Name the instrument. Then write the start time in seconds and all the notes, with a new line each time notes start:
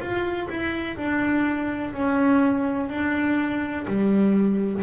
double bass
0.00 F4
0.50 E4
0.97 D4
1.94 C#4
2.89 D4
3.88 G3